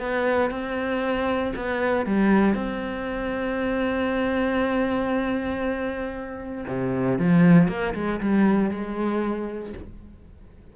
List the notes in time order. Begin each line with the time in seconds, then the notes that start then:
0.00 B3
0.51 C4
1.56 B3
2.06 G3
2.55 C4
6.68 C3
7.19 F3
7.69 A#3
7.95 G#3
8.21 G3
8.71 G#3